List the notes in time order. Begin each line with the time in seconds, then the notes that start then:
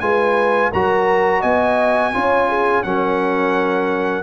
0.00 G#3 F4 B4 G#5
0.71 F#3 F#4 A#4 A#5
1.40 B3 D#5 G#5
2.14 C#4 F4 C#5
2.49 G#4
2.83 F#3 C#4 A#4 F#5